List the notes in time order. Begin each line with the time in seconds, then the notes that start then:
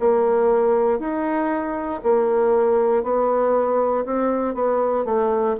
0.00 A#3
0.99 D#4
2.03 A#3
3.03 B3
4.05 C4
4.54 B3
5.05 A3